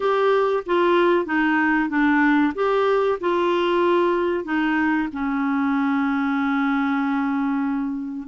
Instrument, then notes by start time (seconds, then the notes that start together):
clarinet
0.00 G4
0.66 F4
1.25 D#4
1.89 D4
2.54 G4
3.20 F4
4.44 D#4
5.12 C#4